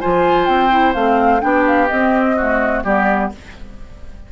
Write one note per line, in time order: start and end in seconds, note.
0.00 0.47 F3
0.00 0.70 F4
0.00 1.42 C5
0.00 0.45 G#5
0.45 0.94 C4
0.45 0.93 G5
0.70 0.94 E4
0.93 1.42 A3
0.93 1.40 C4
0.93 1.40 F5
1.40 1.90 B3
1.40 1.87 D4
1.40 2.36 G4
1.40 1.64 G5
1.66 1.87 F5
1.87 2.36 C4
1.87 2.84 C4
1.87 2.82 D#5
2.36 2.84 A3
2.36 2.83 F#4
2.84 3.31 G3
2.84 3.32 B3
2.84 3.31 G4
2.84 3.32 D5